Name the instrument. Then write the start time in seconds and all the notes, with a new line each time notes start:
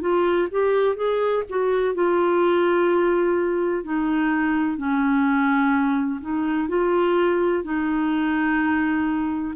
clarinet
0.00 F4
0.51 G4
0.95 G#4
1.49 F#4
1.94 F4
3.84 D#4
4.77 C#4
6.20 D#4
6.68 F4
7.63 D#4